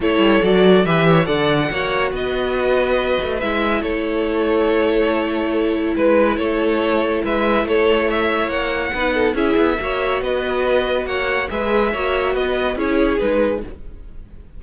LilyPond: <<
  \new Staff \with { instrumentName = "violin" } { \time 4/4 \tempo 4 = 141 cis''4 d''4 e''4 fis''4~ | fis''4 dis''2. | e''4 cis''2.~ | cis''2 b'4 cis''4~ |
cis''4 e''4 cis''4 e''4 | fis''2 e''2 | dis''2 fis''4 e''4~ | e''4 dis''4 cis''4 b'4 | }
  \new Staff \with { instrumentName = "violin" } { \time 4/4 a'2 b'8 cis''8 d''4 | cis''4 b'2.~ | b'4 a'2.~ | a'2 b'4 a'4~ |
a'4 b'4 a'4 cis''4~ | cis''4 b'8 a'8 gis'4 cis''4 | b'2 cis''4 b'4 | cis''4 b'4 gis'2 | }
  \new Staff \with { instrumentName = "viola" } { \time 4/4 e'4 fis'4 g'4 a'4 | fis'1 | e'1~ | e'1~ |
e'1~ | e'4 dis'4 e'4 fis'4~ | fis'2. gis'4 | fis'2 e'4 dis'4 | }
  \new Staff \with { instrumentName = "cello" } { \time 4/4 a8 g8 fis4 e4 d4 | ais4 b2~ b8 a8 | gis4 a2.~ | a2 gis4 a4~ |
a4 gis4 a2 | ais4 b4 cis'8 b8 ais4 | b2 ais4 gis4 | ais4 b4 cis'4 gis4 | }
>>